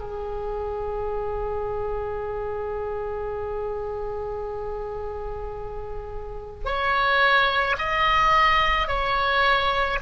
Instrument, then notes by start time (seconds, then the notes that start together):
oboe
0.00 G#4
6.66 C#5
7.79 D#5
8.88 C#5